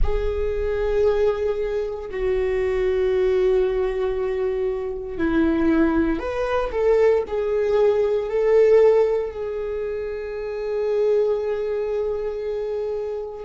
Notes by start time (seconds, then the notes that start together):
0.03 G#4
2.11 F#4
5.17 E4
6.19 B4
6.71 A4
7.27 G#4
8.29 A4
9.31 G#4